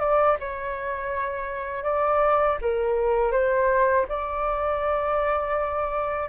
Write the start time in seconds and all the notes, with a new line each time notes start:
0.00 D5
0.40 C#5
1.84 D5
2.62 A#4
3.32 C5
4.09 D5